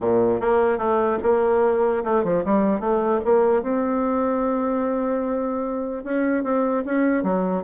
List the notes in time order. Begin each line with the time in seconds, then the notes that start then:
0.00 A#2
0.40 A#3
0.78 A3
1.23 A#3
2.04 A3
2.23 F3
2.45 G3
2.80 A3
3.24 A#3
3.62 C4
6.04 C#4
6.43 C4
6.85 C#4
7.23 F#3